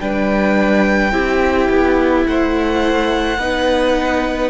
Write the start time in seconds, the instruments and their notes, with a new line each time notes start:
0.00 cello G3, viola D4, violin B4 G5
1.12 cello C4, viola E4, violin G4
1.69 cello B3
2.26 cello A3, violin C5 F#5
3.38 cello B3, viola D#4, violin B4